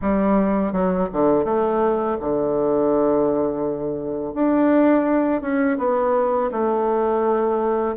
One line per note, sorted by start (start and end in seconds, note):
0.01 0.72 G3
0.72 1.08 F#3
1.12 1.45 D3
1.45 2.17 A3
2.20 4.34 D3
4.34 5.41 D4
5.41 5.77 C#4
5.78 6.50 B3
6.51 7.96 A3